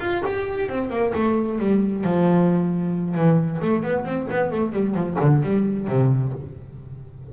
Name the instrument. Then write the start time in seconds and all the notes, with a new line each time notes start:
double bass
0.00 F4
0.26 G4
0.69 C4
0.91 A#3
1.15 A3
1.59 G3
2.04 F3
3.15 E3
3.62 A3
3.83 B3
4.05 C4
4.31 B3
4.52 A3
4.73 G3
4.95 F3
5.20 D3
5.43 G3
5.88 C3